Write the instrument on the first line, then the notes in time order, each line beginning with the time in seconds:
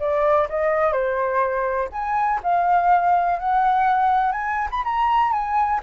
flute
0.00 D5
0.49 D#5
0.92 C5
1.92 G#5
2.43 F5
3.39 F#5
4.32 G#5
4.71 B5
4.85 A#5
5.32 G#5